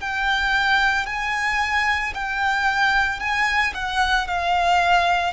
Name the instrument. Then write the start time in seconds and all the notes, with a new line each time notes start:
violin
0.00 G5
1.06 G#5
2.14 G5
3.19 G#5
3.74 F#5
4.27 F5